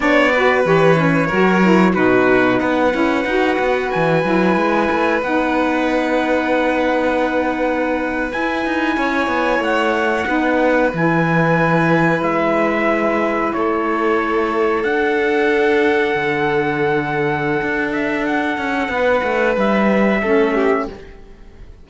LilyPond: <<
  \new Staff \with { instrumentName = "trumpet" } { \time 4/4 \tempo 4 = 92 d''4 cis''2 b'4 | fis''2 gis''2 | fis''1~ | fis''8. gis''2 fis''4~ fis''16~ |
fis''8. gis''2 e''4~ e''16~ | e''8. cis''2 fis''4~ fis''16~ | fis''2.~ fis''8 e''8 | fis''2 e''2 | }
  \new Staff \with { instrumentName = "violin" } { \time 4/4 cis''8 b'4. ais'4 fis'4 | b'1~ | b'1~ | b'4.~ b'16 cis''2 b'16~ |
b'1~ | b'8. a'2.~ a'16~ | a'1~ | a'4 b'2 a'8 g'8 | }
  \new Staff \with { instrumentName = "saxophone" } { \time 4/4 d'8 fis'8 g'8 cis'8 fis'8 e'8 dis'4~ | dis'8 e'8 fis'4. e'4. | dis'1~ | dis'8. e'2. dis'16~ |
dis'8. e'2.~ e'16~ | e'2~ e'8. d'4~ d'16~ | d'1~ | d'2. cis'4 | }
  \new Staff \with { instrumentName = "cello" } { \time 4/4 b4 e4 fis4 b,4 | b8 cis'8 dis'8 b8 e8 fis8 gis8 a8 | b1~ | b8. e'8 dis'8 cis'8 b8 a4 b16~ |
b8. e2 gis4~ gis16~ | gis8. a2 d'4~ d'16~ | d'8. d2~ d16 d'4~ | d'8 cis'8 b8 a8 g4 a4 | }
>>